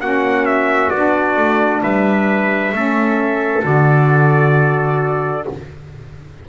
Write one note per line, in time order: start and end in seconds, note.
0.00 0.91 A#3
0.00 0.92 C#4
0.00 1.82 F#4
0.00 0.45 F#5
0.45 0.90 E5
0.90 1.36 B3
0.90 2.73 D4
0.90 1.81 D5
1.36 1.81 A3
1.82 2.72 G3
1.82 2.73 B4
1.82 3.65 E5
2.72 3.63 A3
2.72 3.62 C#4
2.72 5.48 A4
3.62 5.46 D3
3.62 5.44 F#4
3.62 5.48 D5